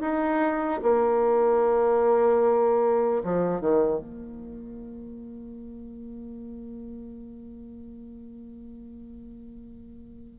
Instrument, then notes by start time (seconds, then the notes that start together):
bassoon
0.00 D#4
0.82 A#3
3.23 F3
3.60 D#3
3.99 A#3